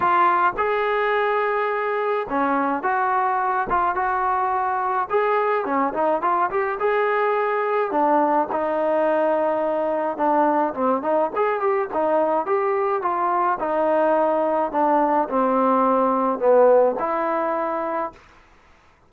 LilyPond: \new Staff \with { instrumentName = "trombone" } { \time 4/4 \tempo 4 = 106 f'4 gis'2. | cis'4 fis'4. f'8 fis'4~ | fis'4 gis'4 cis'8 dis'8 f'8 g'8 | gis'2 d'4 dis'4~ |
dis'2 d'4 c'8 dis'8 | gis'8 g'8 dis'4 g'4 f'4 | dis'2 d'4 c'4~ | c'4 b4 e'2 | }